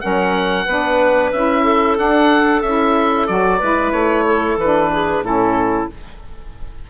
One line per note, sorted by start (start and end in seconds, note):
0.00 0.67 F#3
0.00 0.65 C#4
0.00 0.66 A#4
0.00 1.31 F#5
0.66 1.32 B3
0.66 1.34 D4
0.66 1.64 B4
1.33 1.98 C#4
1.33 1.97 E4
1.33 1.98 E5
1.64 3.59 A4
1.97 2.62 D4
1.97 2.63 D4
1.97 2.62 F#5
2.62 3.29 C#4
2.62 3.28 E4
2.62 3.27 E5
3.27 3.62 F#3
3.27 3.60 F#4
3.27 3.92 D5
3.59 3.92 G#3
3.59 4.59 E4
3.59 4.24 B4
3.92 4.57 A3
3.92 4.57 C#5
4.26 4.91 A4
4.57 5.22 E3
4.57 5.25 B4
4.63 5.24 D4
4.93 5.24 G#4
5.23 5.88 A2
5.23 5.90 C#4
5.23 5.90 E4
5.23 5.90 A4